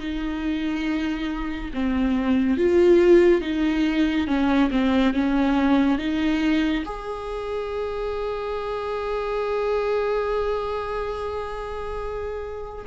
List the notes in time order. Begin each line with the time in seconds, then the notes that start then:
0.00 D#4
1.74 C4
2.58 F4
3.42 D#4
4.28 C#4
4.71 C4
5.14 C#4
5.99 D#4
6.86 G#4